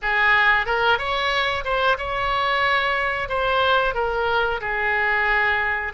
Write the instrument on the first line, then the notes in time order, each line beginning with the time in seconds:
oboe
0.02 G#4
0.66 A#4
0.98 C#5
1.64 C5
1.98 C#5
3.28 C5
3.94 A#4
4.61 G#4